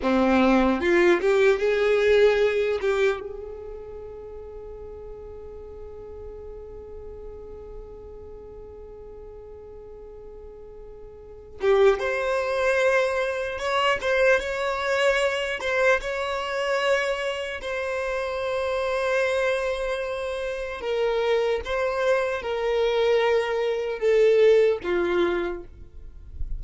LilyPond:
\new Staff \with { instrumentName = "violin" } { \time 4/4 \tempo 4 = 75 c'4 f'8 g'8 gis'4. g'8 | gis'1~ | gis'1~ | gis'2~ gis'8 g'8 c''4~ |
c''4 cis''8 c''8 cis''4. c''8 | cis''2 c''2~ | c''2 ais'4 c''4 | ais'2 a'4 f'4 | }